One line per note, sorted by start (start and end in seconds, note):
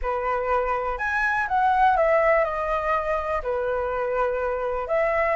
0.02 0.98 B4
0.98 1.46 G#5
1.47 1.96 F#5
1.96 2.44 E5
2.44 3.41 D#5
3.42 4.87 B4
4.87 5.36 E5